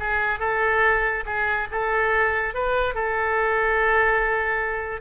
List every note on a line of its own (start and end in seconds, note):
0.00 0.40 G#4
0.40 1.24 A4
1.26 1.68 G#4
1.72 2.54 A4
2.54 2.95 B4
2.95 5.01 A4